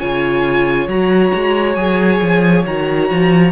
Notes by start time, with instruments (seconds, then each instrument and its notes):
0.00 cello C#3, viola F4, violin C#5 G#5
0.88 cello F#3, viola F#4, violin A#5
1.35 cello G#3
1.76 cello F#3, viola G#4, violin G#5
2.22 cello F3
2.67 cello D#3, viola F#4, violin A#5
3.11 cello F3